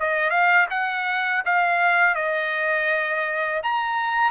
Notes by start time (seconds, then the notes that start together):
0.00 D#5
0.31 F5
0.71 F#5
1.46 F5
2.16 D#5
3.64 A#5